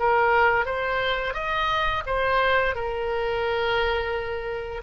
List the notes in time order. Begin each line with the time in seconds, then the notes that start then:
0.00 A#4
0.66 C5
1.34 D#5
2.07 C5
2.76 A#4